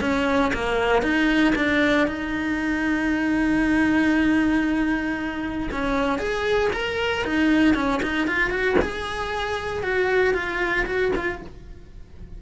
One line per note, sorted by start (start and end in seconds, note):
0.00 0.52 C#4
0.53 1.02 A#3
1.02 1.53 D#4
1.55 2.07 D4
2.07 5.69 D#4
5.71 6.18 C#4
6.18 6.70 G#4
6.73 7.24 A#4
7.24 7.74 D#4
7.74 8.00 C#4
8.02 8.27 D#4
8.27 8.50 F4
8.50 8.76 F#4
8.81 9.83 G#4
9.83 10.33 F#4
10.33 10.85 F4
10.85 11.11 F#4
11.15 11.41 F4